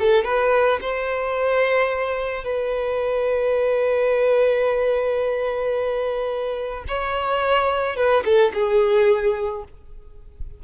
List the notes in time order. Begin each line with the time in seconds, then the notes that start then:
0.00 A4
0.25 B4
0.82 C5
2.44 B4
6.88 C#5
7.96 B4
8.25 A4
8.54 G#4